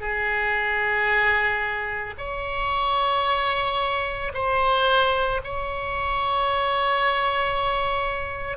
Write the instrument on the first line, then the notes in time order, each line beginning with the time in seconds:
oboe
0.00 G#4
2.18 C#5
4.33 C5
5.44 C#5